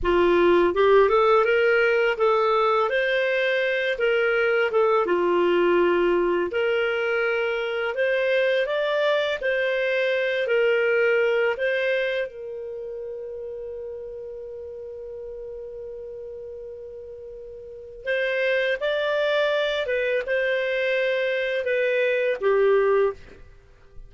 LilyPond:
\new Staff \with { instrumentName = "clarinet" } { \time 4/4 \tempo 4 = 83 f'4 g'8 a'8 ais'4 a'4 | c''4. ais'4 a'8 f'4~ | f'4 ais'2 c''4 | d''4 c''4. ais'4. |
c''4 ais'2.~ | ais'1~ | ais'4 c''4 d''4. b'8 | c''2 b'4 g'4 | }